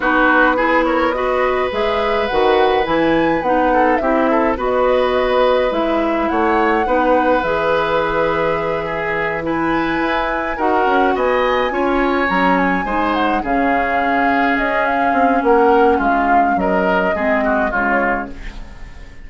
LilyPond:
<<
  \new Staff \with { instrumentName = "flute" } { \time 4/4 \tempo 4 = 105 b'4. cis''8 dis''4 e''4 | fis''4 gis''4 fis''4 e''4 | dis''2 e''4 fis''4~ | fis''4 e''2.~ |
e''8 gis''2 fis''4 gis''8~ | gis''4. ais''8 gis''4 fis''8 f''8~ | f''4. dis''8 f''4 fis''4 | f''4 dis''2 cis''4 | }
  \new Staff \with { instrumentName = "oboe" } { \time 4/4 fis'4 gis'8 ais'8 b'2~ | b'2~ b'8 a'8 g'8 a'8 | b'2. cis''4 | b'2.~ b'8 gis'8~ |
gis'8 b'2 ais'4 dis''8~ | dis''8 cis''2 c''4 gis'8~ | gis'2. ais'4 | f'4 ais'4 gis'8 fis'8 f'4 | }
  \new Staff \with { instrumentName = "clarinet" } { \time 4/4 dis'4 e'4 fis'4 gis'4 | fis'4 e'4 dis'4 e'4 | fis'2 e'2 | dis'4 gis'2.~ |
gis'8 e'2 fis'4.~ | fis'8 f'4 cis'4 dis'4 cis'8~ | cis'1~ | cis'2 c'4 gis4 | }
  \new Staff \with { instrumentName = "bassoon" } { \time 4/4 b2. gis4 | dis4 e4 b4 c'4 | b2 gis4 a4 | b4 e2.~ |
e4. e'4 dis'8 cis'8 b8~ | b8 cis'4 fis4 gis4 cis8~ | cis4. cis'4 c'8 ais4 | gis4 fis4 gis4 cis4 | }
>>